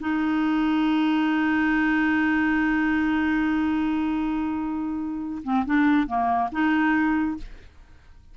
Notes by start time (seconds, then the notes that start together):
0.00 D#4
5.44 C4
5.66 D4
6.07 A#3
6.52 D#4